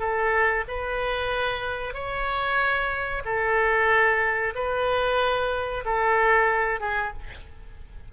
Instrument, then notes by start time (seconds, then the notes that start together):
oboe
0.00 A4
0.68 B4
1.94 C#5
3.25 A4
4.56 B4
5.85 A4
6.81 G#4